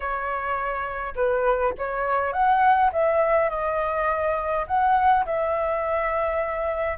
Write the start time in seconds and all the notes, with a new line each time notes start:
0.00 C#5
1.15 B4
1.78 C#5
2.32 F#5
2.92 E5
3.49 D#5
4.67 F#5
5.25 E5